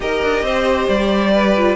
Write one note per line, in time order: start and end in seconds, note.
0.00 0.21 D#4
0.00 1.53 G4
0.00 0.44 A#4
0.00 0.88 D#5
0.22 0.42 D4
0.42 0.87 C4
0.42 1.33 C5
0.88 1.75 G3
0.88 1.75 D5
1.33 1.75 B4
1.56 1.75 F4